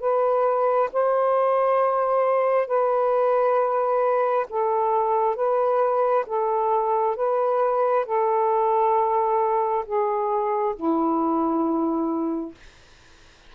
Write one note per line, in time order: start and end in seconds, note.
0.00 0.90 B4
0.93 2.67 C5
2.67 4.47 B4
4.50 5.36 A4
5.36 6.25 B4
6.26 7.16 A4
7.16 8.06 B4
8.06 9.85 A4
9.85 10.75 G#4
10.75 12.55 E4